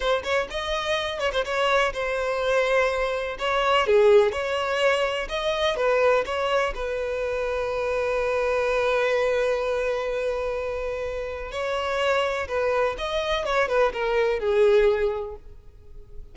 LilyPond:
\new Staff \with { instrumentName = "violin" } { \time 4/4 \tempo 4 = 125 c''8 cis''8 dis''4. cis''16 c''16 cis''4 | c''2. cis''4 | gis'4 cis''2 dis''4 | b'4 cis''4 b'2~ |
b'1~ | b'1 | cis''2 b'4 dis''4 | cis''8 b'8 ais'4 gis'2 | }